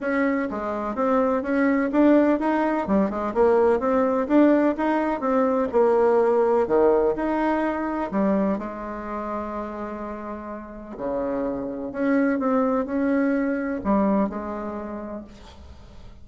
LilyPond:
\new Staff \with { instrumentName = "bassoon" } { \time 4/4 \tempo 4 = 126 cis'4 gis4 c'4 cis'4 | d'4 dis'4 g8 gis8 ais4 | c'4 d'4 dis'4 c'4 | ais2 dis4 dis'4~ |
dis'4 g4 gis2~ | gis2. cis4~ | cis4 cis'4 c'4 cis'4~ | cis'4 g4 gis2 | }